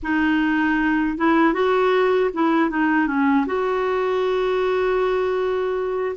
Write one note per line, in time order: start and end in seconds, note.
0.02 1.17 D#4
1.17 1.53 E4
1.53 2.30 F#4
2.33 2.70 E4
2.70 3.07 D#4
3.07 3.45 C#4
3.46 6.15 F#4